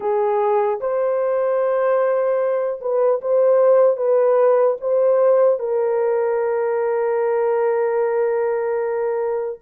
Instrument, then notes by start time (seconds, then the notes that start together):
horn
0.00 G#4
0.80 C5
2.80 B4
3.21 C5
3.96 B4
4.80 C5
5.59 A#4